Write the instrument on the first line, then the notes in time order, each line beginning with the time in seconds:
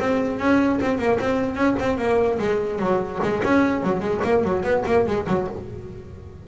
double bass
0.00 C4
0.39 C#4
0.82 C4
0.99 A#3
1.20 C4
1.56 C#4
1.80 C4
1.98 A#3
2.39 G#3
2.79 F#3
3.23 G#3
3.44 C#4
3.83 F#3
4.01 G#3
4.24 A#3
4.44 F#3
4.63 B3
4.86 A#3
5.07 G#3
5.27 F#3